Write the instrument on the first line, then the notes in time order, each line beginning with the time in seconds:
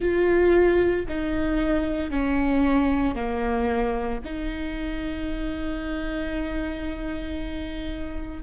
viola
0.00 F4
1.08 D#4
2.10 C#4
3.15 A#3
4.24 D#4